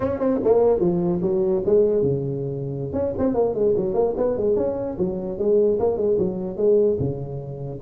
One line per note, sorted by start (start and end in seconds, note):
0.00 0.19 C#4
0.19 0.39 C4
0.44 0.80 A#3
0.80 1.20 F3
1.22 1.62 F#3
1.65 2.02 G#3
2.02 2.92 C#3
2.92 3.13 C#4
3.18 3.34 C4
3.34 3.54 A#3
3.54 3.74 G#3
3.76 3.94 F#3
3.94 4.14 A#3
4.16 4.37 B3
4.37 4.56 G#3
4.56 4.97 C#4
4.98 5.38 F#3
5.38 5.78 G#3
5.79 5.97 A#3
5.97 6.17 G#3
6.18 6.57 F#3
6.57 6.97 G#3
6.99 7.80 C#3